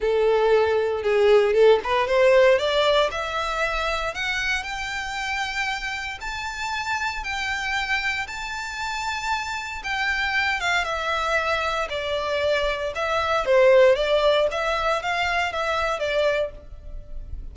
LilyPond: \new Staff \with { instrumentName = "violin" } { \time 4/4 \tempo 4 = 116 a'2 gis'4 a'8 b'8 | c''4 d''4 e''2 | fis''4 g''2. | a''2 g''2 |
a''2. g''4~ | g''8 f''8 e''2 d''4~ | d''4 e''4 c''4 d''4 | e''4 f''4 e''4 d''4 | }